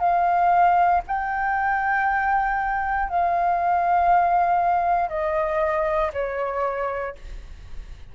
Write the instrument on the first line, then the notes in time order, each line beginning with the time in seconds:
flute
0.00 F5
1.07 G5
3.10 F5
5.10 D#5
6.14 C#5